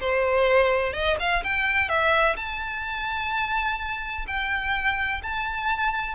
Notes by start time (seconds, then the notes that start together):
0.00 C5
0.93 D#5
1.20 F5
1.44 G5
1.89 E5
2.36 A5
4.27 G5
5.23 A5